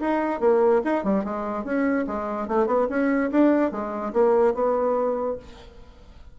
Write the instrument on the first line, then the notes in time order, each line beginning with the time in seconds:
bassoon
0.00 D#4
0.40 A#3
0.84 D#4
1.03 G3
1.24 G#3
1.64 C#4
2.07 G#3
2.48 A3
2.66 B3
2.89 C#4
3.30 D4
3.71 G#3
4.13 A#3
4.54 B3